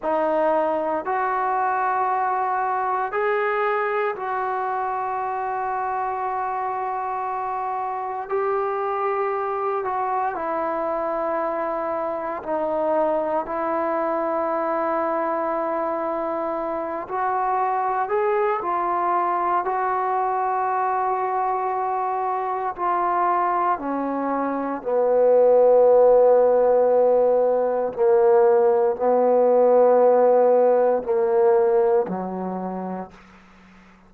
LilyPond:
\new Staff \with { instrumentName = "trombone" } { \time 4/4 \tempo 4 = 58 dis'4 fis'2 gis'4 | fis'1 | g'4. fis'8 e'2 | dis'4 e'2.~ |
e'8 fis'4 gis'8 f'4 fis'4~ | fis'2 f'4 cis'4 | b2. ais4 | b2 ais4 fis4 | }